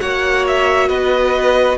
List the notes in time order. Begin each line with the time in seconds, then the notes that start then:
0.00 A#3 F#4 C#5 F#5
0.47 E5
0.89 B3 B4 D#5